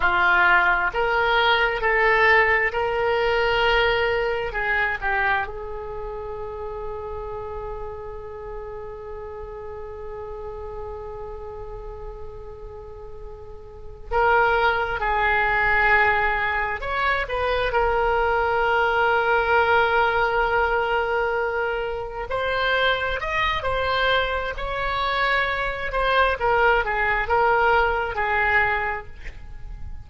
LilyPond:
\new Staff \with { instrumentName = "oboe" } { \time 4/4 \tempo 4 = 66 f'4 ais'4 a'4 ais'4~ | ais'4 gis'8 g'8 gis'2~ | gis'1~ | gis'2.~ gis'8 ais'8~ |
ais'8 gis'2 cis''8 b'8 ais'8~ | ais'1~ | ais'8 c''4 dis''8 c''4 cis''4~ | cis''8 c''8 ais'8 gis'8 ais'4 gis'4 | }